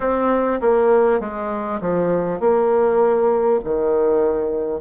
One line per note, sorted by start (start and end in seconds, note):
0.00 0.60 C4
0.60 1.20 A#3
1.20 1.80 G#3
1.80 2.40 F3
2.40 3.60 A#3
3.63 4.81 D#3